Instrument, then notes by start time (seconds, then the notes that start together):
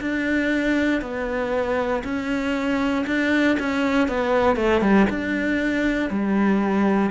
cello
0.00 D4
1.01 B3
2.03 C#4
3.06 D4
3.59 C#4
4.08 B3
4.56 A3
4.81 G3
5.09 D4
6.10 G3